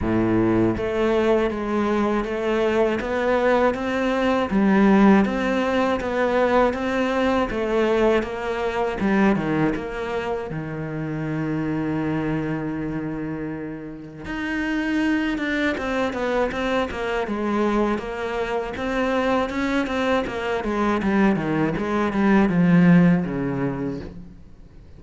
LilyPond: \new Staff \with { instrumentName = "cello" } { \time 4/4 \tempo 4 = 80 a,4 a4 gis4 a4 | b4 c'4 g4 c'4 | b4 c'4 a4 ais4 | g8 dis8 ais4 dis2~ |
dis2. dis'4~ | dis'8 d'8 c'8 b8 c'8 ais8 gis4 | ais4 c'4 cis'8 c'8 ais8 gis8 | g8 dis8 gis8 g8 f4 cis4 | }